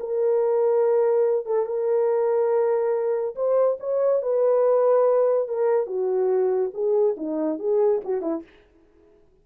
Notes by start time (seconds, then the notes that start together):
0.00 A#4
1.46 A4
1.66 A#4
3.36 C5
3.80 C#5
4.22 B4
5.48 A#4
5.87 F#4
6.74 G#4
7.17 D#4
7.59 G#4
8.05 F#4
8.22 E4